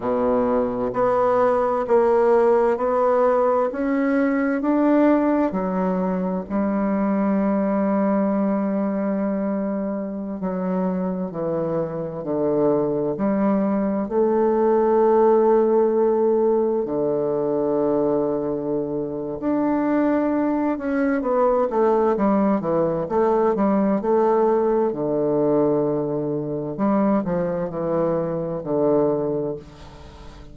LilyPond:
\new Staff \with { instrumentName = "bassoon" } { \time 4/4 \tempo 4 = 65 b,4 b4 ais4 b4 | cis'4 d'4 fis4 g4~ | g2.~ g16 fis8.~ | fis16 e4 d4 g4 a8.~ |
a2~ a16 d4.~ d16~ | d4 d'4. cis'8 b8 a8 | g8 e8 a8 g8 a4 d4~ | d4 g8 f8 e4 d4 | }